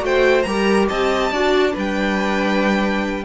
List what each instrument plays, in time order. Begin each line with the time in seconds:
0.00 cello A3, viola F#4, violin C5
0.06 violin G5
0.43 cello G3, viola G4, violin A#4 A#5
0.89 cello C4, violin D#5 A5
1.32 cello D4, viola F#4, violin D5
1.72 cello G3, viola D4, violin B4
1.79 violin G5